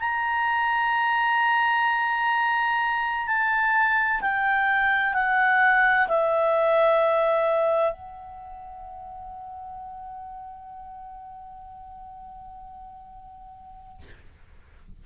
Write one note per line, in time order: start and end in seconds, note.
0.00 3.27 A#5
3.27 4.21 A5
4.21 5.14 G5
5.14 6.08 F#5
6.08 7.93 E5
7.93 14.02 F#5